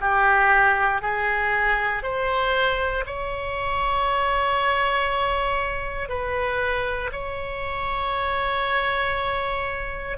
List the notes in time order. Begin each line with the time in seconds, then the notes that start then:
0.00 G4
1.01 G#4
2.02 C5
3.06 C#5
6.08 B4
7.11 C#5